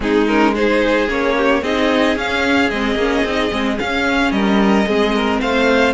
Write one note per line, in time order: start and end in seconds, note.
0.00 1.07 G#3
0.00 0.26 C4
0.00 0.54 D#4
0.00 0.27 G#4
0.27 0.55 C#4
0.27 0.54 A#4
0.54 1.07 D#4
0.54 1.35 G#4
0.54 1.08 C5
1.07 1.62 A#3
1.07 1.61 C#4
1.07 1.63 C#5
1.36 1.62 G4
1.62 2.16 C4
1.62 2.17 D#4
1.62 4.32 G#4
1.62 2.17 D#5
2.16 2.70 C#4
2.16 2.71 C#4
2.16 2.69 F5
2.69 2.95 G#3
2.69 2.98 C4
2.69 3.78 D#5
2.95 3.22 A#3
2.95 3.25 C#4
3.24 3.51 C4
3.24 3.51 D#4
3.51 3.79 G#3
3.51 3.76 C4
3.76 4.84 C#4
3.76 4.31 C#4
3.76 4.31 F5
4.31 4.85 G3
4.31 4.88 A#4
4.31 5.39 D#5
4.86 5.40 G#3
4.86 5.93 C4
4.86 5.15 G#4
5.15 5.40 A#4
5.40 5.93 A3
5.40 5.93 C5
5.40 5.93 F5